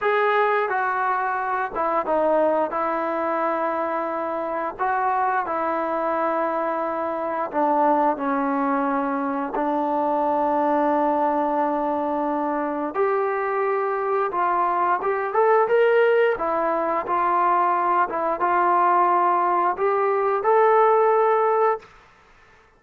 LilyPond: \new Staff \with { instrumentName = "trombone" } { \time 4/4 \tempo 4 = 88 gis'4 fis'4. e'8 dis'4 | e'2. fis'4 | e'2. d'4 | cis'2 d'2~ |
d'2. g'4~ | g'4 f'4 g'8 a'8 ais'4 | e'4 f'4. e'8 f'4~ | f'4 g'4 a'2 | }